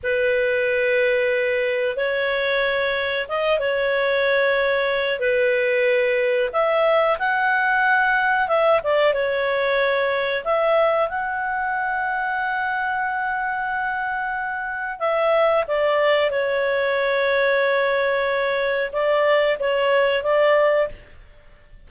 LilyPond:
\new Staff \with { instrumentName = "clarinet" } { \time 4/4 \tempo 4 = 92 b'2. cis''4~ | cis''4 dis''8 cis''2~ cis''8 | b'2 e''4 fis''4~ | fis''4 e''8 d''8 cis''2 |
e''4 fis''2.~ | fis''2. e''4 | d''4 cis''2.~ | cis''4 d''4 cis''4 d''4 | }